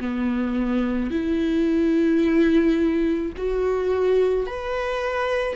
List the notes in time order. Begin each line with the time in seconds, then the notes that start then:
0.00 B3
1.11 E4
3.37 F#4
4.46 B4